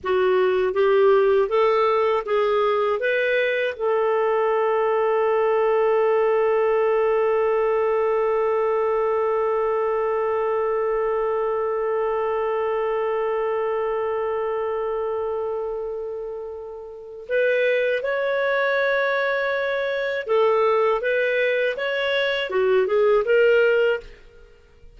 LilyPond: \new Staff \with { instrumentName = "clarinet" } { \time 4/4 \tempo 4 = 80 fis'4 g'4 a'4 gis'4 | b'4 a'2.~ | a'1~ | a'1~ |
a'1~ | a'2. b'4 | cis''2. a'4 | b'4 cis''4 fis'8 gis'8 ais'4 | }